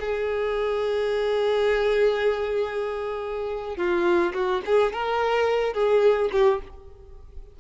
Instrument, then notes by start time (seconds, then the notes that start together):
violin
0.00 G#4
3.77 F4
4.34 F#4
4.65 G#4
4.93 A#4
5.74 G#4
6.32 G4